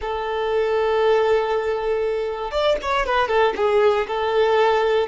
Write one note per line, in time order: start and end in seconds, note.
0.01 2.51 A4
2.51 2.76 D5
2.82 3.06 C#5
3.06 3.28 B4
3.28 3.53 A4
3.56 4.07 G#4
4.07 5.07 A4